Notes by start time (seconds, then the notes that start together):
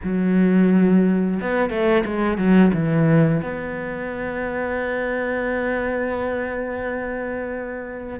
0.03 F#3
1.41 B3
1.70 A3
2.05 G#3
2.37 F#3
2.73 E3
3.42 B3